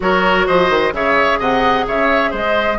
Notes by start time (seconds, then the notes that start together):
0.00 F#3 F#4 A#4 C#5
0.46 F3 C5 D#5
0.70 D#3
0.92 C#3 G#4 C#5 E5
1.39 C3 D#5 F#5
1.87 C#3 C#5 E5
2.30 G#3 C5 D#5